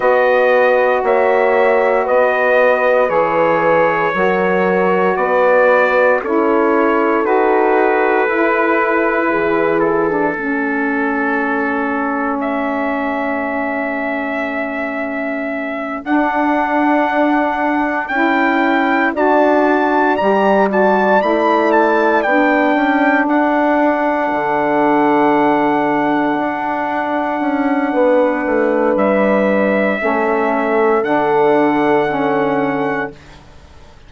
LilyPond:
<<
  \new Staff \with { instrumentName = "trumpet" } { \time 4/4 \tempo 4 = 58 dis''4 e''4 dis''4 cis''4~ | cis''4 d''4 cis''4 b'4~ | b'4. a'2~ a'8 | e''2.~ e''8 fis''8~ |
fis''4. g''4 a''4 ais''8 | a''8 b''8 a''8 g''4 fis''4.~ | fis''1 | e''2 fis''2 | }
  \new Staff \with { instrumentName = "horn" } { \time 4/4 b'4 cis''4 b'2 | ais'4 b'4 a'2~ | a'4 gis'4 a'2~ | a'1~ |
a'2~ a'8 d''4.~ | d''2~ d''8 a'4.~ | a'2. b'4~ | b'4 a'2. | }
  \new Staff \with { instrumentName = "saxophone" } { \time 4/4 fis'2. gis'4 | fis'2 e'4 fis'4 | e'4.~ e'16 d'16 cis'2~ | cis'2.~ cis'8 d'8~ |
d'4. e'4 fis'4 g'8 | fis'8 e'4 d'2~ d'8~ | d'1~ | d'4 cis'4 d'4 cis'4 | }
  \new Staff \with { instrumentName = "bassoon" } { \time 4/4 b4 ais4 b4 e4 | fis4 b4 cis'4 dis'4 | e'4 e4 a2~ | a2.~ a8 d'8~ |
d'4. cis'4 d'4 g8~ | g8 a4 b8 cis'8 d'4 d8~ | d4. d'4 cis'8 b8 a8 | g4 a4 d2 | }
>>